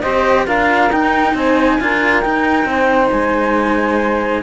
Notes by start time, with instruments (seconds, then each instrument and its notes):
0.00 cello C4 G4, saxophone C5, flute D#5
0.46 cello D4 F4, saxophone A#4, flute F5
0.91 cello D#4, flute G5
1.33 cello C4, saxophone C5, flute G#5
1.80 cello D4 F4, saxophone A#4
2.20 cello D#4, flute G5
2.65 cello C4, saxophone C5
3.11 cello G#3, flute G#5